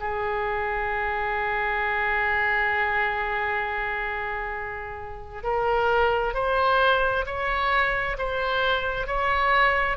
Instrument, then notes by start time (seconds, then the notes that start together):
oboe
0.00 G#4
5.43 A#4
6.34 C5
7.26 C#5
8.18 C5
9.07 C#5